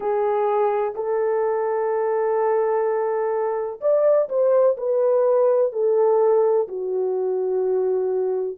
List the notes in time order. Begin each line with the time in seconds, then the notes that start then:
0.00 G#4
0.94 A4
3.81 D5
4.29 C5
4.77 B4
5.72 A4
6.68 F#4